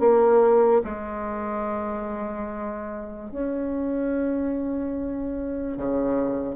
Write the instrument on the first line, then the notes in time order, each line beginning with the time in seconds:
bassoon
0.00 A#3
0.84 G#3
3.31 C#4
5.78 C#3